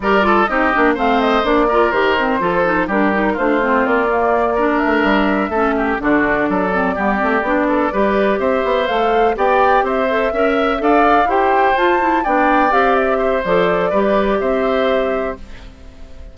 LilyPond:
<<
  \new Staff \with { instrumentName = "flute" } { \time 4/4 \tempo 4 = 125 d''4 dis''4 f''8 dis''8 d''4 | c''2 ais'4 c''4 | d''2 e''2~ | e''8 d''2.~ d''8~ |
d''4. e''4 f''4 g''8~ | g''8 e''2 f''4 g''8~ | g''8 a''4 g''4 f''8 e''4 | d''2 e''2 | }
  \new Staff \with { instrumentName = "oboe" } { \time 4/4 ais'8 a'8 g'4 c''4. ais'8~ | ais'4 a'4 g'4 f'4~ | f'4. ais'2 a'8 | g'8 fis'4 a'4 g'4. |
a'8 b'4 c''2 d''8~ | d''8 c''4 e''4 d''4 c''8~ | c''4. d''2 c''8~ | c''4 b'4 c''2 | }
  \new Staff \with { instrumentName = "clarinet" } { \time 4/4 g'8 f'8 dis'8 d'8 c'4 d'8 f'8 | g'8 c'8 f'8 dis'8 d'8 dis'8 d'8 c'8~ | c'8 ais4 d'2 cis'8~ | cis'8 d'4. c'8 b8 c'8 d'8~ |
d'8 g'2 a'4 g'8~ | g'4 a'8 ais'4 a'4 g'8~ | g'8 f'8 e'8 d'4 g'4. | a'4 g'2. | }
  \new Staff \with { instrumentName = "bassoon" } { \time 4/4 g4 c'8 ais8 a4 ais4 | dis4 f4 g4 a4 | ais2 a8 g4 a8~ | a8 d4 fis4 g8 a8 b8~ |
b8 g4 c'8 b8 a4 b8~ | b8 c'4 cis'4 d'4 e'8~ | e'8 f'4 b4 c'4. | f4 g4 c'2 | }
>>